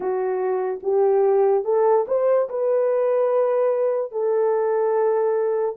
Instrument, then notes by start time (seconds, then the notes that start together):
horn
0.00 F#4
0.82 G4
1.64 A4
2.07 C5
2.49 B4
4.11 A4